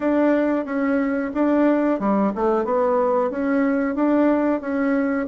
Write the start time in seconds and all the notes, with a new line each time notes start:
0.00 D4
0.65 C#4
1.34 D4
1.99 G3
2.35 A3
2.64 B3
3.30 C#4
3.95 D4
4.60 C#4